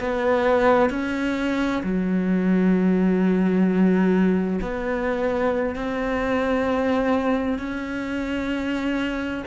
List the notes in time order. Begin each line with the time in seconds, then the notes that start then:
0.00 B3
0.90 C#4
1.83 F#3
4.61 B3
5.75 C4
7.59 C#4